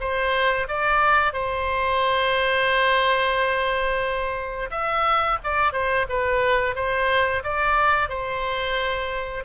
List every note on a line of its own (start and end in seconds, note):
0.00 0.67 C5
0.68 1.33 D5
1.33 4.70 C5
4.71 5.38 E5
5.44 5.72 D5
5.72 6.06 C5
6.09 6.75 B4
6.75 7.43 C5
7.43 8.09 D5
8.09 9.44 C5